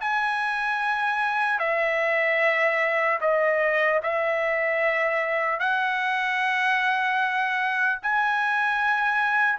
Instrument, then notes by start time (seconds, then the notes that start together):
trumpet
0.00 G#5
1.59 E5
3.20 D#5
4.02 E5
5.59 F#5
8.02 G#5